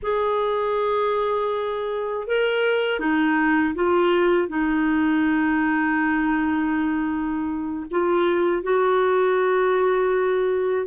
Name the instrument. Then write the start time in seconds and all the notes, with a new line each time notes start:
clarinet
0.02 G#4
2.27 A#4
2.99 D#4
3.75 F4
4.48 D#4
7.91 F4
8.62 F#4